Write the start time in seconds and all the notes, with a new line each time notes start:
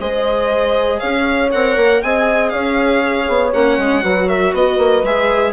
0.00 G#3 G#4 C5 D#5
1.00 C#4 C#5 F5
1.52 C4 A#4 F#5
1.77 A#3
2.02 C4 G#4 D#5 G#5
2.49 C#4 C#5 F5
3.28 B3
3.54 A#3 C#4 F#5
3.78 G#3
4.02 F#3 F#4 B4
4.28 A#4 E5
4.54 B3 B4 D#5
4.78 A#3
5.03 G#3 G#4 E5